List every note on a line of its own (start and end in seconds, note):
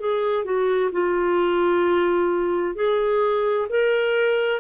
0.00 0.44 G#4
0.44 0.91 F#4
0.92 2.75 F4
2.75 3.68 G#4
3.69 4.60 A#4